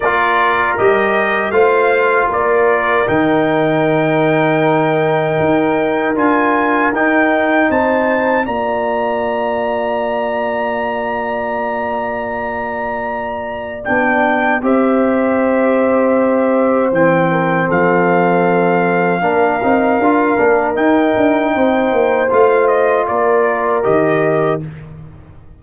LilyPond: <<
  \new Staff \with { instrumentName = "trumpet" } { \time 4/4 \tempo 4 = 78 d''4 dis''4 f''4 d''4 | g''1 | gis''4 g''4 a''4 ais''4~ | ais''1~ |
ais''2 g''4 e''4~ | e''2 g''4 f''4~ | f''2. g''4~ | g''4 f''8 dis''8 d''4 dis''4 | }
  \new Staff \with { instrumentName = "horn" } { \time 4/4 ais'2 c''4 ais'4~ | ais'1~ | ais'2 c''4 d''4~ | d''1~ |
d''2. c''4~ | c''2~ c''8 ais'8 a'4~ | a'4 ais'2. | c''2 ais'2 | }
  \new Staff \with { instrumentName = "trombone" } { \time 4/4 f'4 g'4 f'2 | dis'1 | f'4 dis'2 f'4~ | f'1~ |
f'2 d'4 g'4~ | g'2 c'2~ | c'4 d'8 dis'8 f'8 d'8 dis'4~ | dis'4 f'2 g'4 | }
  \new Staff \with { instrumentName = "tuba" } { \time 4/4 ais4 g4 a4 ais4 | dis2. dis'4 | d'4 dis'4 c'4 ais4~ | ais1~ |
ais2 b4 c'4~ | c'2 e4 f4~ | f4 ais8 c'8 d'8 ais8 dis'8 d'8 | c'8 ais8 a4 ais4 dis4 | }
>>